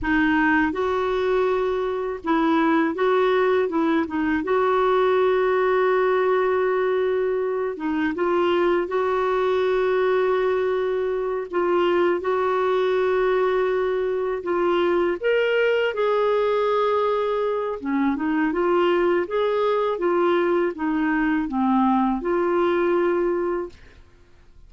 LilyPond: \new Staff \with { instrumentName = "clarinet" } { \time 4/4 \tempo 4 = 81 dis'4 fis'2 e'4 | fis'4 e'8 dis'8 fis'2~ | fis'2~ fis'8 dis'8 f'4 | fis'2.~ fis'8 f'8~ |
f'8 fis'2. f'8~ | f'8 ais'4 gis'2~ gis'8 | cis'8 dis'8 f'4 gis'4 f'4 | dis'4 c'4 f'2 | }